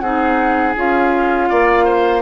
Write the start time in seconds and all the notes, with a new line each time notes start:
0.00 C4 D#4 G#4 F#5
0.76 C#4 F4 F5
1.50 A#3 D5
1.85 C5